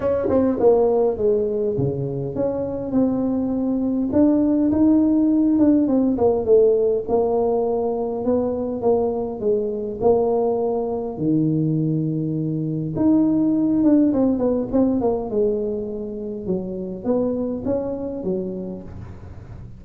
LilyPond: \new Staff \with { instrumentName = "tuba" } { \time 4/4 \tempo 4 = 102 cis'8 c'8 ais4 gis4 cis4 | cis'4 c'2 d'4 | dis'4. d'8 c'8 ais8 a4 | ais2 b4 ais4 |
gis4 ais2 dis4~ | dis2 dis'4. d'8 | c'8 b8 c'8 ais8 gis2 | fis4 b4 cis'4 fis4 | }